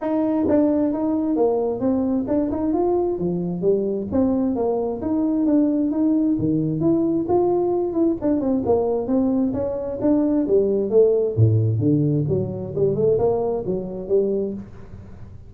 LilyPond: \new Staff \with { instrumentName = "tuba" } { \time 4/4 \tempo 4 = 132 dis'4 d'4 dis'4 ais4 | c'4 d'8 dis'8 f'4 f4 | g4 c'4 ais4 dis'4 | d'4 dis'4 dis4 e'4 |
f'4. e'8 d'8 c'8 ais4 | c'4 cis'4 d'4 g4 | a4 a,4 d4 fis4 | g8 a8 ais4 fis4 g4 | }